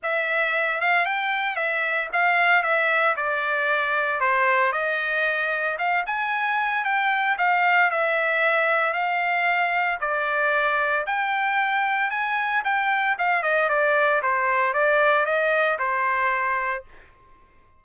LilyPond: \new Staff \with { instrumentName = "trumpet" } { \time 4/4 \tempo 4 = 114 e''4. f''8 g''4 e''4 | f''4 e''4 d''2 | c''4 dis''2 f''8 gis''8~ | gis''4 g''4 f''4 e''4~ |
e''4 f''2 d''4~ | d''4 g''2 gis''4 | g''4 f''8 dis''8 d''4 c''4 | d''4 dis''4 c''2 | }